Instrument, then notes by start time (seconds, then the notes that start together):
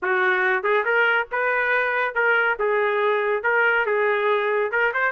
trumpet
0.02 F#4
0.63 G#4
0.85 A#4
1.31 B4
2.14 A#4
2.59 G#4
3.43 A#4
3.86 G#4
4.71 A#4
4.93 C5